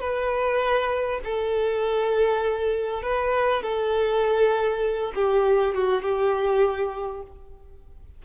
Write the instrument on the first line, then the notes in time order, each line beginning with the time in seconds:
violin
0.00 B4
1.24 A4
3.02 B4
3.62 A4
5.15 G4
5.74 F#4
6.02 G4